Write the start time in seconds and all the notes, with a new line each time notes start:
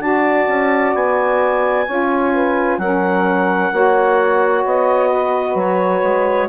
0.00 D4 F#4 D5 A5
0.48 C#4
0.95 B3 G#5
1.87 C#4 F4 C#5
2.33 B4
2.78 F#3 C#4 A#4 F#5
3.73 A#3 F#4 C#5
4.65 B3 D#5
5.10 B4
5.55 F#3 C#5
6.03 G#3